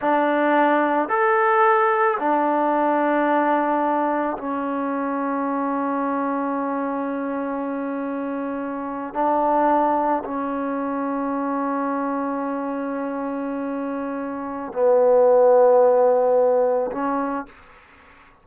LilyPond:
\new Staff \with { instrumentName = "trombone" } { \time 4/4 \tempo 4 = 110 d'2 a'2 | d'1 | cis'1~ | cis'1~ |
cis'8. d'2 cis'4~ cis'16~ | cis'1~ | cis'2. b4~ | b2. cis'4 | }